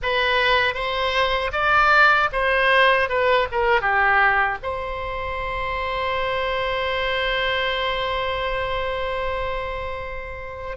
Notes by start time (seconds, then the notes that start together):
0.02 B4
0.74 C5
1.52 D5
2.32 C5
3.09 B4
3.51 A#4
3.81 G4
4.62 C5